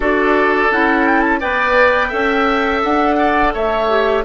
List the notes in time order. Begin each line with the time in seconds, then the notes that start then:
0.00 D4 F#4 A4 D5
0.71 C#4 E4 F#5
1.06 G5
1.21 A5
1.39 B3 B4 D5 G5
2.08 C#4 A4 E5
2.82 D4 F#5
3.18 D5
3.53 A3 C#5 E5
3.88 G4